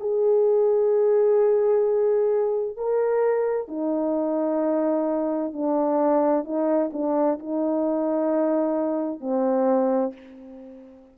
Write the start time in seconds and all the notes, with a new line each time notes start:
0.00 G#4
2.77 A#4
3.68 D#4
5.53 D4
6.45 D#4
6.93 D4
7.39 D#4
9.21 C4